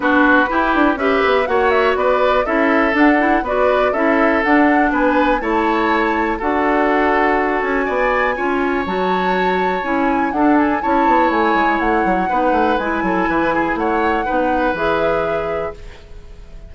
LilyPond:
<<
  \new Staff \with { instrumentName = "flute" } { \time 4/4 \tempo 4 = 122 b'2 e''4 fis''8 e''8 | d''4 e''4 fis''4 d''4 | e''4 fis''4 gis''4 a''4~ | a''4 fis''2~ fis''8 gis''8~ |
gis''2 a''2 | gis''4 fis''8 gis''8 a''4 gis''4 | fis''2 gis''2 | fis''2 e''2 | }
  \new Staff \with { instrumentName = "oboe" } { \time 4/4 fis'4 g'4 b'4 cis''4 | b'4 a'2 b'4 | a'2 b'4 cis''4~ | cis''4 a'2. |
d''4 cis''2.~ | cis''4 a'4 cis''2~ | cis''4 b'4. a'8 b'8 gis'8 | cis''4 b'2. | }
  \new Staff \with { instrumentName = "clarinet" } { \time 4/4 d'4 e'4 g'4 fis'4~ | fis'4 e'4 d'8 e'8 fis'4 | e'4 d'2 e'4~ | e'4 fis'2.~ |
fis'4 f'4 fis'2 | e'4 d'4 e'2~ | e'4 dis'4 e'2~ | e'4 dis'4 gis'2 | }
  \new Staff \with { instrumentName = "bassoon" } { \time 4/4 b4 e'8 d'8 cis'8 b8 ais4 | b4 cis'4 d'4 b4 | cis'4 d'4 b4 a4~ | a4 d'2~ d'8 cis'8 |
b4 cis'4 fis2 | cis'4 d'4 cis'8 b8 a8 gis8 | a8 fis8 b8 a8 gis8 fis8 e4 | a4 b4 e2 | }
>>